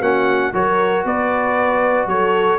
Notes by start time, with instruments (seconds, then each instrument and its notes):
0.00 tuba A#3, trombone C#4, horn F#4, trumpet F#5
0.53 tuba F#3, trombone F#4, horn A#4, trumpet C#5
1.04 tuba B3, horn B4, trumpet D5
2.07 tuba F#3, horn A4, trumpet C#5